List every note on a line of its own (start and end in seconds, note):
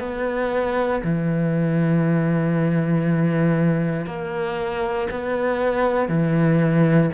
0.00 1.02 B3
1.04 4.06 E3
4.06 5.08 A#3
5.11 6.09 B3
6.09 7.10 E3